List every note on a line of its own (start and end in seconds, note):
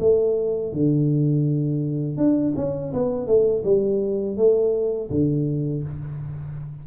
0.00 0.73 A3
0.73 2.17 D3
2.17 2.54 D4
2.56 2.93 C#4
2.93 3.27 B3
3.27 3.64 A3
3.64 4.37 G3
4.37 5.10 A3
5.11 5.84 D3